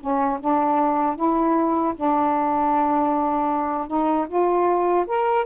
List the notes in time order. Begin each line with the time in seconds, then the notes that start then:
0.00 C#4
0.40 D4
1.16 E4
1.96 D4
3.87 D#4
4.28 F4
5.07 A#4